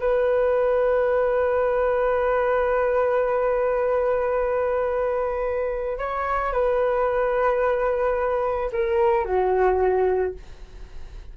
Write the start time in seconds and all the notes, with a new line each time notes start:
0.00 B4
5.99 C#5
6.53 B4
8.72 A#4
9.26 F#4